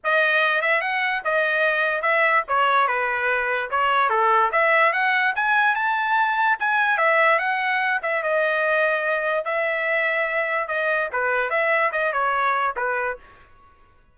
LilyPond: \new Staff \with { instrumentName = "trumpet" } { \time 4/4 \tempo 4 = 146 dis''4. e''8 fis''4 dis''4~ | dis''4 e''4 cis''4 b'4~ | b'4 cis''4 a'4 e''4 | fis''4 gis''4 a''2 |
gis''4 e''4 fis''4. e''8 | dis''2. e''4~ | e''2 dis''4 b'4 | e''4 dis''8 cis''4. b'4 | }